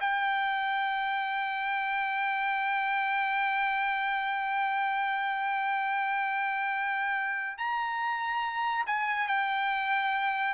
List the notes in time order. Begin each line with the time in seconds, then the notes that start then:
0.00 G5
7.57 A#5
8.87 G#5
9.28 G5